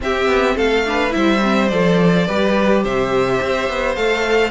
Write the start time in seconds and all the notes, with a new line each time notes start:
0.00 C4 G4 E5
0.27 B3
0.55 A3 A4 F5
0.86 D4 B4
1.10 G3 E4 C5 E5
1.42 C4
1.68 F3 A4 D5
2.26 G3 G4 B4
2.83 C3 C5 E5
3.41 C4
3.69 B3
3.95 A3 A4 F5